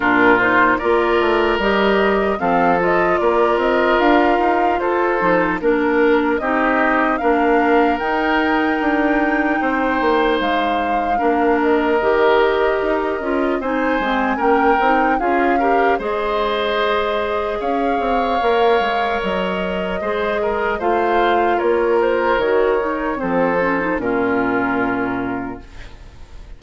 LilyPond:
<<
  \new Staff \with { instrumentName = "flute" } { \time 4/4 \tempo 4 = 75 ais'8 c''8 d''4 dis''4 f''8 dis''8 | d''8 dis''8 f''4 c''4 ais'4 | dis''4 f''4 g''2~ | g''4 f''4. dis''4.~ |
dis''4 gis''4 g''4 f''4 | dis''2 f''2 | dis''2 f''4 cis''8 c''8 | cis''4 c''4 ais'2 | }
  \new Staff \with { instrumentName = "oboe" } { \time 4/4 f'4 ais'2 a'4 | ais'2 a'4 ais'4 | g'4 ais'2. | c''2 ais'2~ |
ais'4 c''4 ais'4 gis'8 ais'8 | c''2 cis''2~ | cis''4 c''8 ais'8 c''4 ais'4~ | ais'4 a'4 f'2 | }
  \new Staff \with { instrumentName = "clarinet" } { \time 4/4 d'8 dis'8 f'4 g'4 c'8 f'8~ | f'2~ f'8 dis'8 d'4 | dis'4 d'4 dis'2~ | dis'2 d'4 g'4~ |
g'8 f'8 dis'8 c'8 cis'8 dis'8 f'8 g'8 | gis'2. ais'4~ | ais'4 gis'4 f'2 | fis'8 dis'8 c'8 cis'16 dis'16 cis'2 | }
  \new Staff \with { instrumentName = "bassoon" } { \time 4/4 ais,4 ais8 a8 g4 f4 | ais8 c'8 d'8 dis'8 f'8 f8 ais4 | c'4 ais4 dis'4 d'4 | c'8 ais8 gis4 ais4 dis4 |
dis'8 cis'8 c'8 gis8 ais8 c'8 cis'4 | gis2 cis'8 c'8 ais8 gis8 | fis4 gis4 a4 ais4 | dis4 f4 ais,2 | }
>>